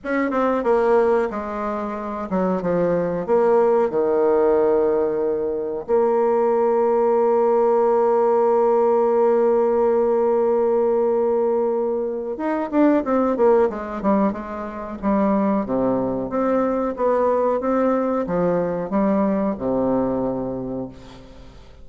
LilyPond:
\new Staff \with { instrumentName = "bassoon" } { \time 4/4 \tempo 4 = 92 cis'8 c'8 ais4 gis4. fis8 | f4 ais4 dis2~ | dis4 ais2.~ | ais1~ |
ais2. dis'8 d'8 | c'8 ais8 gis8 g8 gis4 g4 | c4 c'4 b4 c'4 | f4 g4 c2 | }